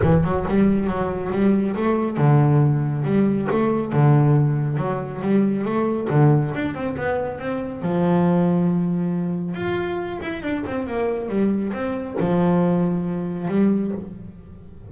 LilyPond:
\new Staff \with { instrumentName = "double bass" } { \time 4/4 \tempo 4 = 138 e8 fis8 g4 fis4 g4 | a4 d2 g4 | a4 d2 fis4 | g4 a4 d4 d'8 c'8 |
b4 c'4 f2~ | f2 f'4. e'8 | d'8 c'8 ais4 g4 c'4 | f2. g4 | }